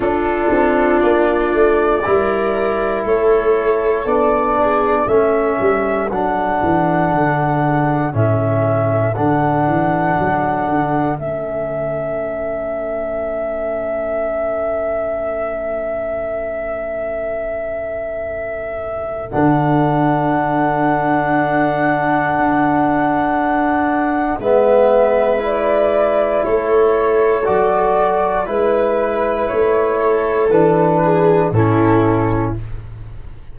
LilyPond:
<<
  \new Staff \with { instrumentName = "flute" } { \time 4/4 \tempo 4 = 59 a'4 d''2 cis''4 | d''4 e''4 fis''2 | e''4 fis''2 e''4~ | e''1~ |
e''2. fis''4~ | fis''1 | e''4 d''4 cis''4 d''4 | b'4 cis''4 b'4 a'4 | }
  \new Staff \with { instrumentName = "viola" } { \time 4/4 f'2 ais'4 a'4~ | a'8 gis'8 a'2.~ | a'1~ | a'1~ |
a'1~ | a'1 | b'2 a'2 | b'4. a'4 gis'8 e'4 | }
  \new Staff \with { instrumentName = "trombone" } { \time 4/4 d'2 e'2 | d'4 cis'4 d'2 | cis'4 d'2 cis'4~ | cis'1~ |
cis'2. d'4~ | d'1 | b4 e'2 fis'4 | e'2 d'4 cis'4 | }
  \new Staff \with { instrumentName = "tuba" } { \time 4/4 d'8 c'8 ais8 a8 g4 a4 | b4 a8 g8 fis8 e8 d4 | a,4 d8 e8 fis8 d8 a4~ | a1~ |
a2. d4~ | d2 d'2 | gis2 a4 fis4 | gis4 a4 e4 a,4 | }
>>